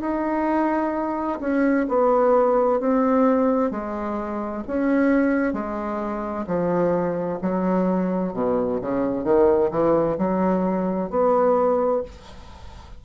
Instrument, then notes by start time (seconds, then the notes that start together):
bassoon
0.00 D#4
1.40 C#4
1.88 B3
2.80 C4
3.70 G#3
4.67 C#4
5.53 G#3
6.47 F3
7.42 F#3
8.33 B2
8.81 C#3
9.24 D#3
9.70 E3
10.17 F#3
11.10 B3